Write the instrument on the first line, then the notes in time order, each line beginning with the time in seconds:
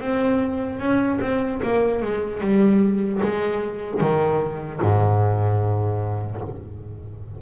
double bass
0.00 C4
0.80 C#4
1.21 C4
1.63 A#3
2.03 G#3
2.41 G3
3.23 G#3
4.00 D#3
4.81 G#2